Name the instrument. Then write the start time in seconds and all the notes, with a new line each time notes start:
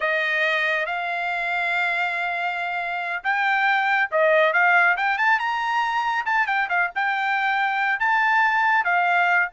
trumpet
0.00 D#5
0.85 F5
3.23 G5
4.11 D#5
4.53 F5
4.96 G5
5.18 A5
5.39 A#5
6.25 A5
6.46 G5
6.69 F5
6.95 G5
7.99 A5
8.84 F5